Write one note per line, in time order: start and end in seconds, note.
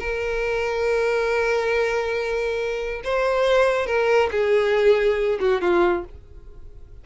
0.00 3.02 A#4
3.04 3.87 C5
3.87 4.30 A#4
4.32 5.40 G#4
5.41 5.62 F#4
5.62 6.05 F4